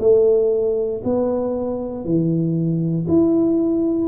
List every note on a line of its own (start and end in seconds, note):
0.00 1.02 A3
1.04 2.04 B3
2.04 3.06 E3
3.08 4.07 E4